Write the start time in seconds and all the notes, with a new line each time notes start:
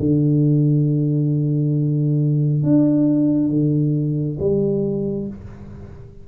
0.00 D3
2.64 D4
3.50 D3
4.40 G3